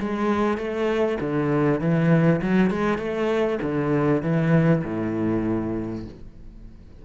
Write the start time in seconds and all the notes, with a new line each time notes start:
0.00 G#3
0.58 A3
1.21 D3
1.80 E3
2.42 F#3
2.71 G#3
2.98 A3
3.62 D3
4.22 E3
4.84 A2